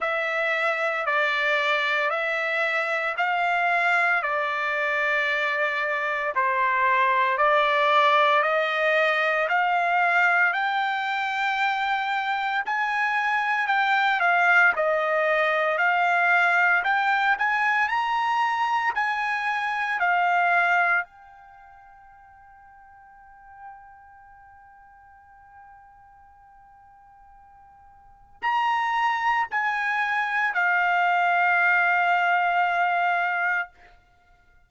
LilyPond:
\new Staff \with { instrumentName = "trumpet" } { \time 4/4 \tempo 4 = 57 e''4 d''4 e''4 f''4 | d''2 c''4 d''4 | dis''4 f''4 g''2 | gis''4 g''8 f''8 dis''4 f''4 |
g''8 gis''8 ais''4 gis''4 f''4 | g''1~ | g''2. ais''4 | gis''4 f''2. | }